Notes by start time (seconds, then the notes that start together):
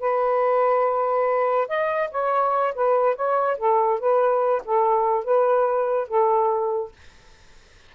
0.00 B4
1.68 D#5
2.11 C#5
2.75 B4
3.15 C#5
3.58 A4
3.99 B4
4.65 A4
5.24 B4
6.08 A4